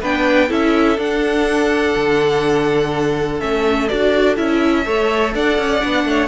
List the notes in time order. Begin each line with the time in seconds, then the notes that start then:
0.00 B3 D4 B4 G5
0.48 C#4 E4 A4 E5
0.98 D4 F#5
1.96 D3
3.40 A3 C#4 E5
3.87 D4 F#4 D5
4.36 C#4 E4 E5
4.85 A3 A4 C#5
5.34 D4 D5 F#5
5.58 C#4
5.80 B3 D4
6.04 A3 C#5